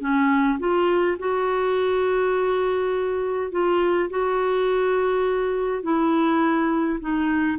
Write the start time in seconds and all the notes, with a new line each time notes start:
0.00 C#4
0.59 F4
1.18 F#4
3.51 F4
4.10 F#4
5.83 E4
7.00 D#4